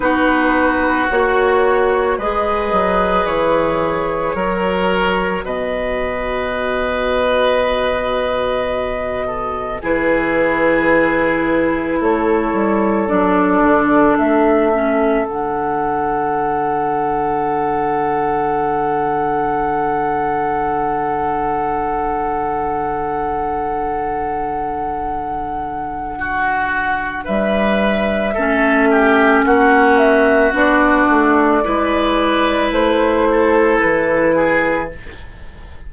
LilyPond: <<
  \new Staff \with { instrumentName = "flute" } { \time 4/4 \tempo 4 = 55 b'4 cis''4 dis''4 cis''4~ | cis''4 dis''2.~ | dis''4 b'2 cis''4 | d''4 e''4 fis''2~ |
fis''1~ | fis''1~ | fis''4 e''2 fis''8 e''8 | d''2 c''4 b'4 | }
  \new Staff \with { instrumentName = "oboe" } { \time 4/4 fis'2 b'2 | ais'4 b'2.~ | b'8 a'8 gis'2 a'4~ | a'1~ |
a'1~ | a'1 | fis'4 b'4 a'8 g'8 fis'4~ | fis'4 b'4. a'4 gis'8 | }
  \new Staff \with { instrumentName = "clarinet" } { \time 4/4 dis'4 fis'4 gis'2 | fis'1~ | fis'4 e'2. | d'4. cis'8 d'2~ |
d'1~ | d'1~ | d'2 cis'2 | d'4 e'2. | }
  \new Staff \with { instrumentName = "bassoon" } { \time 4/4 b4 ais4 gis8 fis8 e4 | fis4 b,2.~ | b,4 e2 a8 g8 | fis8 d8 a4 d2~ |
d1~ | d1~ | d4 g4 a4 ais4 | b8 a8 gis4 a4 e4 | }
>>